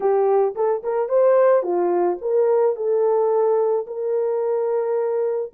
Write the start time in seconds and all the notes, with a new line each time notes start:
0.00 G4
0.55 A4
0.83 A#4
1.09 C5
1.62 F4
2.21 A#4
2.75 A4
3.87 A#4